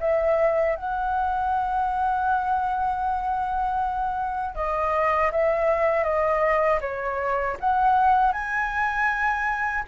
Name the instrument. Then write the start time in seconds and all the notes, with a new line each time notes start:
flute
0.00 E5
0.76 F#5
4.55 D#5
5.32 E5
6.04 D#5
6.81 C#5
7.60 F#5
8.32 G#5